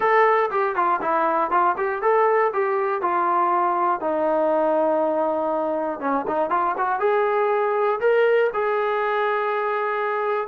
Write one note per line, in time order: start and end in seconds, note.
0.00 0.50 A4
0.50 0.75 G4
0.75 1.00 F4
1.01 1.50 E4
1.50 1.75 F4
1.77 2.02 G4
2.02 2.52 A4
2.53 3.01 G4
3.01 4.00 F4
4.00 6.00 D#4
6.00 6.25 C#4
6.27 6.50 D#4
6.50 6.75 F4
6.77 6.99 F#4
6.99 7.99 G#4
8.00 8.50 A#4
8.53 10.47 G#4